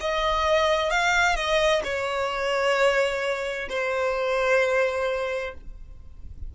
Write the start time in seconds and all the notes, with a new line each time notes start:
0.00 D#5
0.90 F5
1.36 D#5
1.84 C#5
3.69 C5